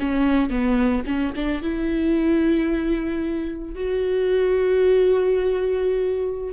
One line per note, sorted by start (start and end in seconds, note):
0.00 0.50 C#4
0.50 1.04 B3
1.07 1.33 C#4
1.36 1.62 D4
1.62 3.75 E4
3.75 6.54 F#4